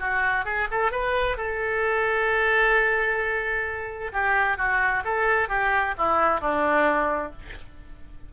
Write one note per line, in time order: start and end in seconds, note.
0.00 0.45 F#4
0.45 0.68 G#4
0.71 0.92 A4
0.92 1.37 B4
1.37 4.12 A4
4.13 4.58 G4
4.58 5.04 F#4
5.05 5.49 A4
5.49 5.95 G4
5.98 6.41 E4
6.41 7.33 D4